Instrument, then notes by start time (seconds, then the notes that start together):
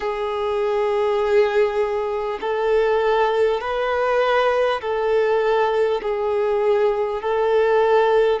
violin
0.00 G#4
2.41 A4
3.61 B4
4.81 A4
6.02 G#4
7.22 A4